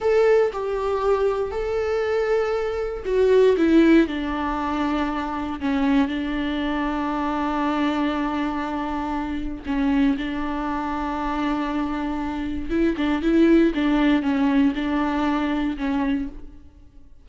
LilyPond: \new Staff \with { instrumentName = "viola" } { \time 4/4 \tempo 4 = 118 a'4 g'2 a'4~ | a'2 fis'4 e'4 | d'2. cis'4 | d'1~ |
d'2. cis'4 | d'1~ | d'4 e'8 d'8 e'4 d'4 | cis'4 d'2 cis'4 | }